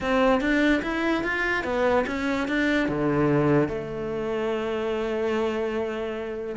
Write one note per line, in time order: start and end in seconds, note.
0.01 0.41 C4
0.41 0.82 D4
0.82 1.23 E4
1.23 1.63 F4
1.63 2.05 B3
2.06 2.48 C#4
2.48 2.88 D4
2.88 3.68 D3
3.68 6.55 A3